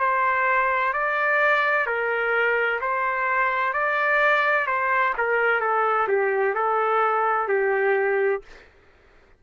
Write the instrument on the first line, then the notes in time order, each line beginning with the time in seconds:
trumpet
0.00 C5
0.94 D5
1.87 A#4
2.81 C5
3.74 D5
4.67 C5
5.18 A#4
5.61 A4
6.09 G4
6.55 A4
7.49 G4